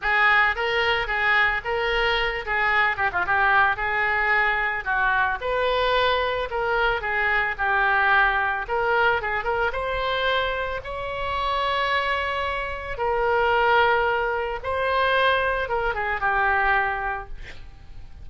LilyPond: \new Staff \with { instrumentName = "oboe" } { \time 4/4 \tempo 4 = 111 gis'4 ais'4 gis'4 ais'4~ | ais'8 gis'4 g'16 f'16 g'4 gis'4~ | gis'4 fis'4 b'2 | ais'4 gis'4 g'2 |
ais'4 gis'8 ais'8 c''2 | cis''1 | ais'2. c''4~ | c''4 ais'8 gis'8 g'2 | }